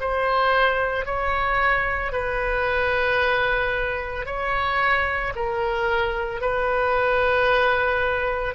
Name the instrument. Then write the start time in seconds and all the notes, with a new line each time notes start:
oboe
0.00 C5
1.05 C#5
2.12 B4
4.26 C#5
5.35 A#4
6.41 B4